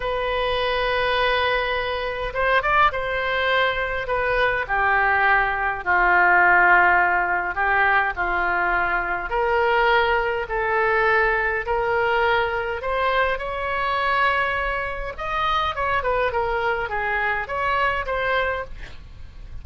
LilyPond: \new Staff \with { instrumentName = "oboe" } { \time 4/4 \tempo 4 = 103 b'1 | c''8 d''8 c''2 b'4 | g'2 f'2~ | f'4 g'4 f'2 |
ais'2 a'2 | ais'2 c''4 cis''4~ | cis''2 dis''4 cis''8 b'8 | ais'4 gis'4 cis''4 c''4 | }